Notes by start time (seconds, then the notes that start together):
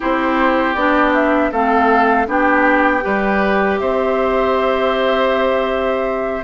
0.00 C4 E4 G4 C5
0.75 B3 D4 D5
1.14 E5
1.51 A3 C4 A4 F5
2.26 B3 D4 G4 G5
3.01 G3 G4 B4
3.78 C4 C5 E5